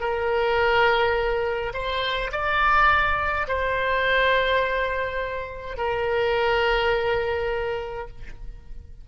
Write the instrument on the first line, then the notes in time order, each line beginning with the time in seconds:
oboe
0.00 A#4
1.74 C5
2.32 D5
3.48 C5
5.77 A#4